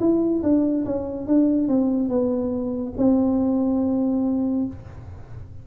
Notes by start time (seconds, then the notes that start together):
0.00 E4
0.43 D4
0.85 C#4
1.27 D4
1.68 C4
2.09 B3
2.97 C4